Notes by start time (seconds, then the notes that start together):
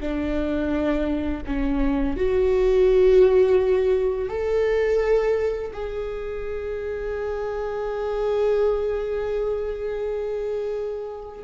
0.00 D4
1.46 C#4
2.16 F#4
4.29 A4
5.72 G#4